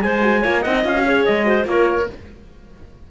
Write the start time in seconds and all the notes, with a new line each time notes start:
0.00 G#3 G#4 C5 G#5
0.22 F#4
0.42 A#3 F4 C#5
0.61 C4 D#5 F#5
0.68 D#4
0.85 C#4 F4 F5
0.95 F#4
1.06 G#4 C#5
1.26 G#3 D#5
1.45 F#4 C5
1.65 A#3 F4 A#4 C#5